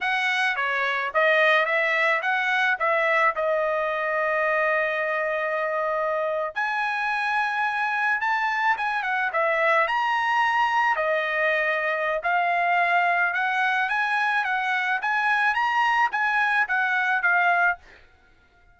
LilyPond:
\new Staff \with { instrumentName = "trumpet" } { \time 4/4 \tempo 4 = 108 fis''4 cis''4 dis''4 e''4 | fis''4 e''4 dis''2~ | dis''2.~ dis''8. gis''16~ | gis''2~ gis''8. a''4 gis''16~ |
gis''16 fis''8 e''4 ais''2 dis''16~ | dis''2 f''2 | fis''4 gis''4 fis''4 gis''4 | ais''4 gis''4 fis''4 f''4 | }